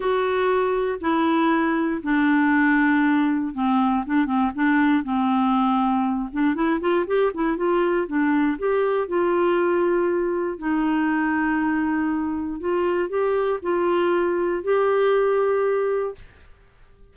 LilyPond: \new Staff \with { instrumentName = "clarinet" } { \time 4/4 \tempo 4 = 119 fis'2 e'2 | d'2. c'4 | d'8 c'8 d'4 c'2~ | c'8 d'8 e'8 f'8 g'8 e'8 f'4 |
d'4 g'4 f'2~ | f'4 dis'2.~ | dis'4 f'4 g'4 f'4~ | f'4 g'2. | }